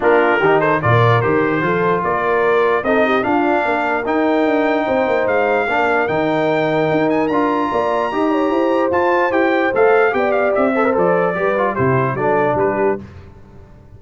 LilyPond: <<
  \new Staff \with { instrumentName = "trumpet" } { \time 4/4 \tempo 4 = 148 ais'4. c''8 d''4 c''4~ | c''4 d''2 dis''4 | f''2 g''2~ | g''4 f''2 g''4~ |
g''4. gis''8 ais''2~ | ais''2 a''4 g''4 | f''4 g''8 f''8 e''4 d''4~ | d''4 c''4 d''4 b'4 | }
  \new Staff \with { instrumentName = "horn" } { \time 4/4 f'4 g'8 a'8 ais'2 | a'4 ais'2 a'8 g'8 | f'4 ais'2. | c''2 ais'2~ |
ais'2. d''4 | dis''8 cis''8 c''2.~ | c''4 d''4. c''4. | b'4 g'4 a'4 g'4 | }
  \new Staff \with { instrumentName = "trombone" } { \time 4/4 d'4 dis'4 f'4 g'4 | f'2. dis'4 | d'2 dis'2~ | dis'2 d'4 dis'4~ |
dis'2 f'2 | g'2 f'4 g'4 | a'4 g'4. a'16 ais'16 a'4 | g'8 f'8 e'4 d'2 | }
  \new Staff \with { instrumentName = "tuba" } { \time 4/4 ais4 dis4 ais,4 dis4 | f4 ais2 c'4 | d'4 ais4 dis'4 d'4 | c'8 ais8 gis4 ais4 dis4~ |
dis4 dis'4 d'4 ais4 | dis'4 e'4 f'4 e'4 | a4 b4 c'4 f4 | g4 c4 fis4 g4 | }
>>